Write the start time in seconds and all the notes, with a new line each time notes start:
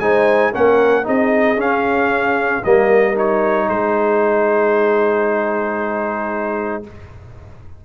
0.00 G#3 D#4 C5 G#5
0.52 A#3 C#4 A#4 F#5
1.04 C4 D#4 G#4 D#5
1.56 C#4 F5
2.64 G3 A#3 A#4 D#5
3.15 D#4 C#5
3.68 G#3 G#4 C5